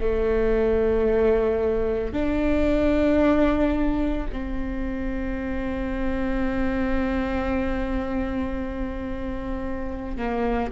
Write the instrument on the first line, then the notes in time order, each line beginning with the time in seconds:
viola
0.00 A3
2.12 D4
4.32 C4
10.17 A#3